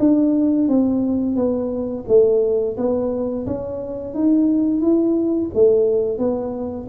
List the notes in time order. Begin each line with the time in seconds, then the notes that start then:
0.00 D4
0.69 C4
1.36 B3
2.08 A3
2.78 B3
3.47 C#4
4.14 D#4
4.82 E4
5.55 A3
6.19 B3